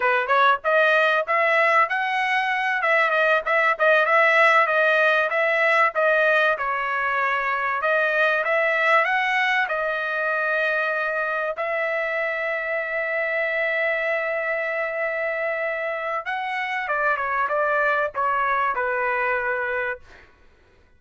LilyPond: \new Staff \with { instrumentName = "trumpet" } { \time 4/4 \tempo 4 = 96 b'8 cis''8 dis''4 e''4 fis''4~ | fis''8 e''8 dis''8 e''8 dis''8 e''4 dis''8~ | dis''8 e''4 dis''4 cis''4.~ | cis''8 dis''4 e''4 fis''4 dis''8~ |
dis''2~ dis''8 e''4.~ | e''1~ | e''2 fis''4 d''8 cis''8 | d''4 cis''4 b'2 | }